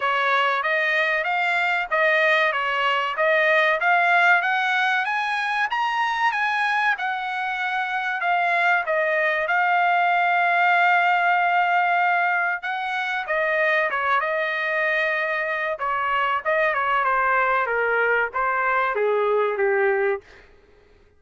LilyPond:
\new Staff \with { instrumentName = "trumpet" } { \time 4/4 \tempo 4 = 95 cis''4 dis''4 f''4 dis''4 | cis''4 dis''4 f''4 fis''4 | gis''4 ais''4 gis''4 fis''4~ | fis''4 f''4 dis''4 f''4~ |
f''1 | fis''4 dis''4 cis''8 dis''4.~ | dis''4 cis''4 dis''8 cis''8 c''4 | ais'4 c''4 gis'4 g'4 | }